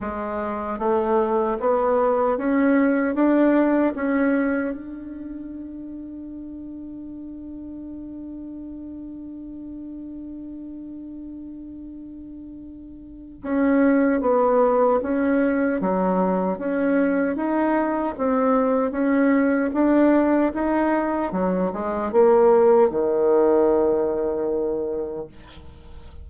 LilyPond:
\new Staff \with { instrumentName = "bassoon" } { \time 4/4 \tempo 4 = 76 gis4 a4 b4 cis'4 | d'4 cis'4 d'2~ | d'1~ | d'1~ |
d'4 cis'4 b4 cis'4 | fis4 cis'4 dis'4 c'4 | cis'4 d'4 dis'4 fis8 gis8 | ais4 dis2. | }